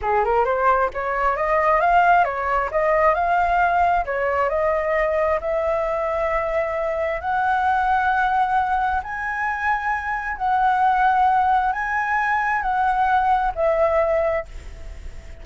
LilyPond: \new Staff \with { instrumentName = "flute" } { \time 4/4 \tempo 4 = 133 gis'8 ais'8 c''4 cis''4 dis''4 | f''4 cis''4 dis''4 f''4~ | f''4 cis''4 dis''2 | e''1 |
fis''1 | gis''2. fis''4~ | fis''2 gis''2 | fis''2 e''2 | }